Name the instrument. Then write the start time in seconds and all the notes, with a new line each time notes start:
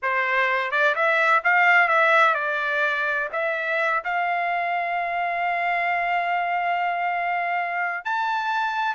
trumpet
0.02 C5
0.71 D5
0.95 E5
1.43 F5
1.88 E5
2.34 D5
3.32 E5
4.04 F5
8.04 A5